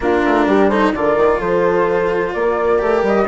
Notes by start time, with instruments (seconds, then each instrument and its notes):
0.00 bassoon A#3, cello D4, horn F4, flute A#4
0.25 bassoon A3
0.46 bassoon G3, horn G4
0.68 cello D#4, horn A4, flute C5
0.94 bassoon D3, cello F4, horn A#4, flute D5
1.16 bassoon D#3
1.38 bassoon F3, horn A4, flute C5
2.33 bassoon A#3, horn A#4, flute D5
2.79 bassoon A3, cello G4
3.02 bassoon G3, flute D#5